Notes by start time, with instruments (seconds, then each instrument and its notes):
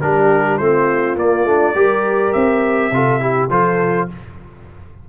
0.00 tuba G3, trombone D4, horn G4, trumpet A#4
0.57 tuba A3, trombone C4, horn F4, trumpet C5
1.16 tuba A#3, trombone A#3, trumpet D5
1.44 tuba A3, trombone D4
1.75 tuba G3, trombone G4, horn A#4
2.33 tuba C4, trumpet E5
2.91 tuba C3, trombone F4, horn A4
3.20 trombone E4, horn G4
3.49 tuba F3, trombone F4, horn A4, trumpet C5